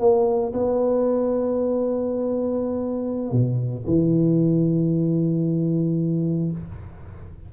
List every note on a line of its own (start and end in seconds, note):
0.00 0.53 A#3
0.54 3.32 B3
3.32 3.85 B2
3.87 6.52 E3